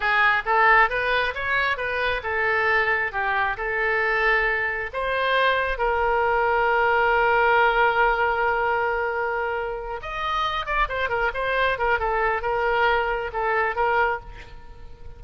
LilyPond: \new Staff \with { instrumentName = "oboe" } { \time 4/4 \tempo 4 = 135 gis'4 a'4 b'4 cis''4 | b'4 a'2 g'4 | a'2. c''4~ | c''4 ais'2.~ |
ais'1~ | ais'2~ ais'8 dis''4. | d''8 c''8 ais'8 c''4 ais'8 a'4 | ais'2 a'4 ais'4 | }